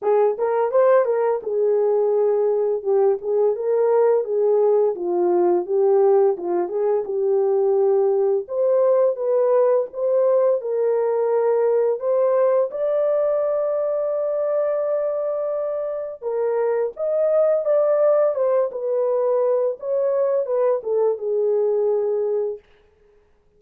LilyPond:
\new Staff \with { instrumentName = "horn" } { \time 4/4 \tempo 4 = 85 gis'8 ais'8 c''8 ais'8 gis'2 | g'8 gis'8 ais'4 gis'4 f'4 | g'4 f'8 gis'8 g'2 | c''4 b'4 c''4 ais'4~ |
ais'4 c''4 d''2~ | d''2. ais'4 | dis''4 d''4 c''8 b'4. | cis''4 b'8 a'8 gis'2 | }